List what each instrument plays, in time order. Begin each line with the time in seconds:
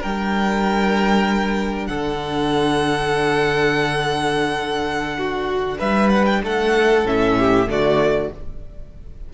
0.00 cello G3, viola D4, violin A#4 G5
1.86 cello D3, violin A4 F#5
5.18 violin F#4
5.79 cello G3, violin B4 E5
6.09 violin F#5
6.26 violin G5
6.43 cello A3, violin A4 F#5
7.04 cello A2, viola C#4, violin E5
7.38 violin G4
7.67 cello D3, viola A3, violin F#4 D5